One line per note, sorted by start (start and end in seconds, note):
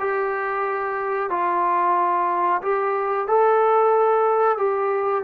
0.00 1.30 G4
1.30 2.62 F4
2.63 3.28 G4
3.28 4.58 A4
4.58 5.24 G4